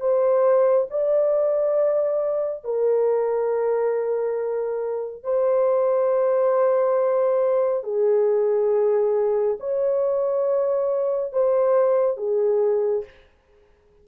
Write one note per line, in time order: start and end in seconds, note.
0.00 0.87 C5
0.90 2.64 D5
2.64 5.23 A#4
5.23 7.83 C5
7.83 9.57 G#4
9.60 11.32 C#5
11.32 12.17 C5
12.17 13.04 G#4